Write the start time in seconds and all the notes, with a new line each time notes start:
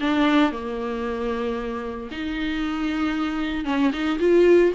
0.00 D4
0.51 A#3
2.11 D#4
3.65 C#4
3.92 D#4
4.19 F4